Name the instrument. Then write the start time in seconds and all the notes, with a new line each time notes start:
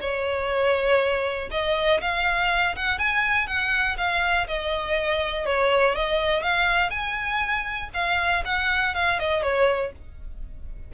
violin
0.00 C#5
1.51 D#5
2.01 F5
2.75 F#5
2.98 G#5
3.47 F#5
3.97 F5
4.47 D#5
5.45 C#5
5.95 D#5
6.42 F5
6.90 G#5
7.93 F5
8.44 F#5
8.94 F5
9.19 D#5
9.42 C#5